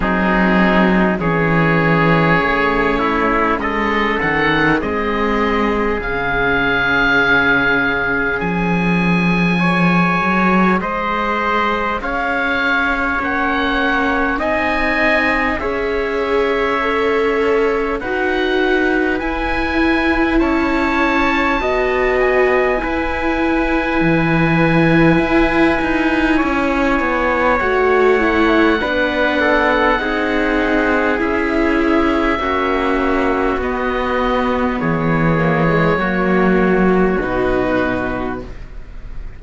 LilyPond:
<<
  \new Staff \with { instrumentName = "oboe" } { \time 4/4 \tempo 4 = 50 gis'4 cis''2 dis''8 fis''8 | dis''4 f''2 gis''4~ | gis''4 dis''4 f''4 fis''4 | gis''4 e''2 fis''4 |
gis''4 a''4. gis''4.~ | gis''2. fis''4~ | fis''2 e''2 | dis''4 cis''2 b'4 | }
  \new Staff \with { instrumentName = "trumpet" } { \time 4/4 dis'4 gis'4. e'8 a'4 | gis'1 | cis''4 c''4 cis''2 | dis''4 cis''2 b'4~ |
b'4 cis''4 dis''4 b'4~ | b'2 cis''2 | b'8 a'8 gis'2 fis'4~ | fis'4 gis'4 fis'2 | }
  \new Staff \with { instrumentName = "viola" } { \time 4/4 c'4 cis'2. | c'4 cis'2. | gis'2. cis'4 | dis'4 gis'4 a'4 fis'4 |
e'2 fis'4 e'4~ | e'2. fis'8 e'8 | d'4 dis'4 e'4 cis'4 | b4. ais16 gis16 ais4 dis'4 | }
  \new Staff \with { instrumentName = "cello" } { \time 4/4 fis4 e4 a4 gis8 dis8 | gis4 cis2 f4~ | f8 fis8 gis4 cis'4 ais4 | c'4 cis'2 dis'4 |
e'4 cis'4 b4 e'4 | e4 e'8 dis'8 cis'8 b8 a4 | b4 c'4 cis'4 ais4 | b4 e4 fis4 b,4 | }
>>